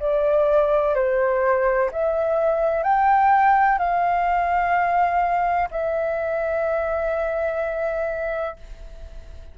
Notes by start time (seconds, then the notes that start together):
0.00 D5
0.95 C5
1.92 E5
2.84 G5
3.78 F5
5.71 E5